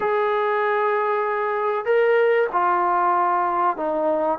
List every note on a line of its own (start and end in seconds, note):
0.00 1.85 G#4
1.85 2.47 A#4
2.52 3.76 F4
3.76 4.39 D#4